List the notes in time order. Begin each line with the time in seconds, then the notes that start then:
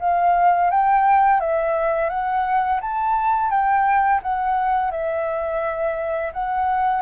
0.00 F5
0.71 G5
1.41 E5
2.10 F#5
2.81 A5
3.50 G5
4.23 F#5
4.92 E5
6.33 F#5